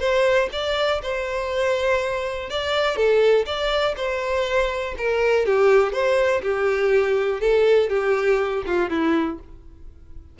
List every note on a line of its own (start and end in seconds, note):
0.00 0.49 C5
0.53 1.02 D5
1.03 2.50 C5
2.50 2.97 D5
2.97 3.46 A4
3.46 3.95 D5
3.97 4.95 C5
4.98 5.46 A#4
5.46 5.93 G4
5.93 6.42 C5
6.43 7.41 G4
7.41 7.90 A4
7.90 8.64 G4
8.67 8.90 F4
8.90 9.39 E4